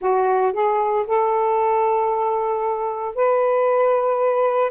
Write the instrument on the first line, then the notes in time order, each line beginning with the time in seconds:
saxophone
0.00 F#4
0.53 G#4
1.06 A4
3.15 B4